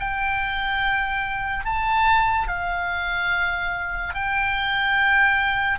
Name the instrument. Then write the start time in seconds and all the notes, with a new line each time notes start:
oboe
0.00 G5
1.65 A5
2.48 F5
4.14 G5